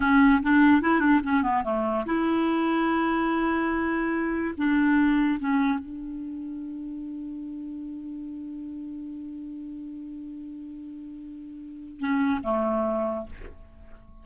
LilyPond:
\new Staff \with { instrumentName = "clarinet" } { \time 4/4 \tempo 4 = 145 cis'4 d'4 e'8 d'8 cis'8 b8 | a4 e'2.~ | e'2. d'4~ | d'4 cis'4 d'2~ |
d'1~ | d'1~ | d'1~ | d'4 cis'4 a2 | }